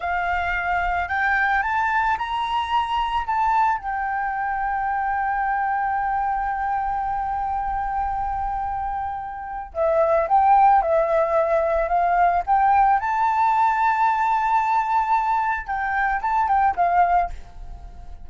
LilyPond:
\new Staff \with { instrumentName = "flute" } { \time 4/4 \tempo 4 = 111 f''2 g''4 a''4 | ais''2 a''4 g''4~ | g''1~ | g''1~ |
g''2 e''4 g''4 | e''2 f''4 g''4 | a''1~ | a''4 g''4 a''8 g''8 f''4 | }